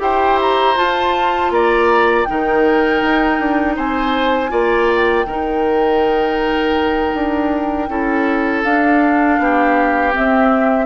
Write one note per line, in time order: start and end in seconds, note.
0.00 0.76 E4
0.00 0.75 G4
0.00 1.53 C5
0.00 0.39 G5
0.42 0.78 A#5
0.76 2.26 F4
0.76 1.50 F4
0.76 1.53 A5
1.50 2.25 A#3
1.50 2.29 D5
1.50 2.25 A#5
2.25 3.02 D#3
2.25 4.50 D#4
2.25 3.76 A#4
2.25 3.75 G5
3.02 3.40 D#4
3.40 3.77 D4
3.76 4.52 C4
3.76 4.51 C5
3.76 4.90 G#5
4.50 5.26 A#3
4.50 5.25 F4
4.50 5.26 D5
4.90 8.64 G5
5.26 7.14 D#3
5.26 7.90 D#4
5.26 7.90 A#4
7.14 7.89 D4
7.89 8.64 C#4
7.89 8.65 E4
7.89 9.41 A4
8.64 9.39 D4
8.64 10.12 D4
8.64 10.14 F5
9.39 10.14 B3
9.39 10.86 G4
10.12 10.86 C4
10.12 10.86 E5